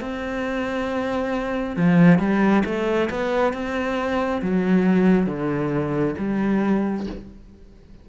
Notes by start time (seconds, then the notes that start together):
0.00 C4
1.76 F3
2.19 G3
2.65 A3
3.10 B3
3.53 C4
4.42 F#3
5.27 D3
6.18 G3